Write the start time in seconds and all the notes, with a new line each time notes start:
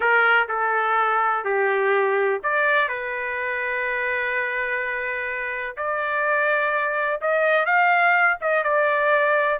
0.00 A#4
0.48 A4
1.44 G4
2.43 D5
2.88 B4
5.76 D5
7.21 D#5
7.65 F5
8.40 D#5
8.63 D5